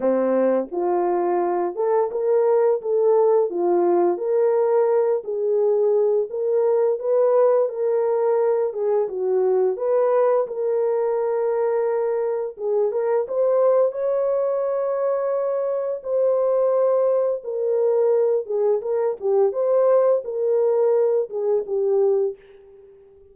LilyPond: \new Staff \with { instrumentName = "horn" } { \time 4/4 \tempo 4 = 86 c'4 f'4. a'8 ais'4 | a'4 f'4 ais'4. gis'8~ | gis'4 ais'4 b'4 ais'4~ | ais'8 gis'8 fis'4 b'4 ais'4~ |
ais'2 gis'8 ais'8 c''4 | cis''2. c''4~ | c''4 ais'4. gis'8 ais'8 g'8 | c''4 ais'4. gis'8 g'4 | }